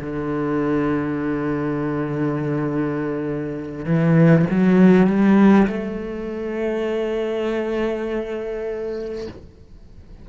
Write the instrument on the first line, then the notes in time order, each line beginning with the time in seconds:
cello
0.00 D3
3.85 E3
4.50 F#3
5.07 G3
5.67 A3